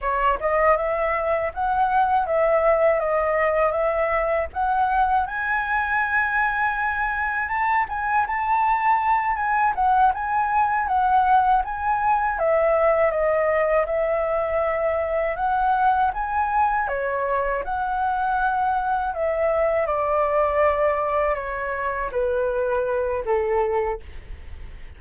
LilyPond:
\new Staff \with { instrumentName = "flute" } { \time 4/4 \tempo 4 = 80 cis''8 dis''8 e''4 fis''4 e''4 | dis''4 e''4 fis''4 gis''4~ | gis''2 a''8 gis''8 a''4~ | a''8 gis''8 fis''8 gis''4 fis''4 gis''8~ |
gis''8 e''4 dis''4 e''4.~ | e''8 fis''4 gis''4 cis''4 fis''8~ | fis''4. e''4 d''4.~ | d''8 cis''4 b'4. a'4 | }